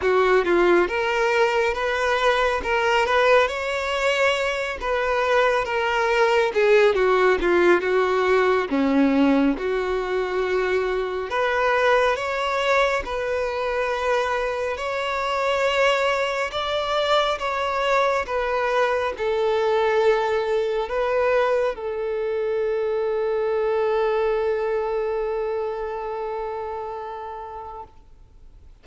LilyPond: \new Staff \with { instrumentName = "violin" } { \time 4/4 \tempo 4 = 69 fis'8 f'8 ais'4 b'4 ais'8 b'8 | cis''4. b'4 ais'4 gis'8 | fis'8 f'8 fis'4 cis'4 fis'4~ | fis'4 b'4 cis''4 b'4~ |
b'4 cis''2 d''4 | cis''4 b'4 a'2 | b'4 a'2.~ | a'1 | }